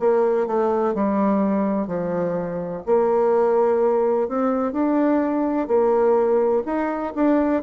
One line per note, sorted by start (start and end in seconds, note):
0.00 0.47 A#3
0.47 0.95 A3
0.95 1.88 G3
1.88 2.83 F3
2.87 4.29 A#3
4.29 4.73 C4
4.73 5.68 D4
5.68 6.63 A#3
6.66 7.13 D#4
7.16 7.64 D4